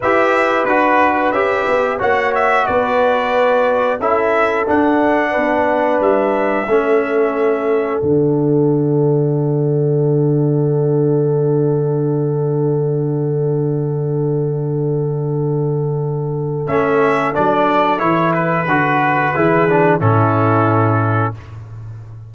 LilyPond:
<<
  \new Staff \with { instrumentName = "trumpet" } { \time 4/4 \tempo 4 = 90 e''4 b'4 e''4 fis''8 e''8 | d''2 e''4 fis''4~ | fis''4 e''2. | fis''1~ |
fis''1~ | fis''1~ | fis''4 e''4 d''4 cis''8 b'8~ | b'2 a'2 | }
  \new Staff \with { instrumentName = "horn" } { \time 4/4 b'2. cis''4 | b'2 a'2 | b'2 a'2~ | a'1~ |
a'1~ | a'1~ | a'1~ | a'4 gis'4 e'2 | }
  \new Staff \with { instrumentName = "trombone" } { \time 4/4 g'4 fis'4 g'4 fis'4~ | fis'2 e'4 d'4~ | d'2 cis'2 | d'1~ |
d'1~ | d'1~ | d'4 cis'4 d'4 e'4 | fis'4 e'8 d'8 cis'2 | }
  \new Staff \with { instrumentName = "tuba" } { \time 4/4 e'4 d'4 cis'8 b8 ais4 | b2 cis'4 d'4 | b4 g4 a2 | d1~ |
d1~ | d1~ | d4 a4 fis4 e4 | d4 e4 a,2 | }
>>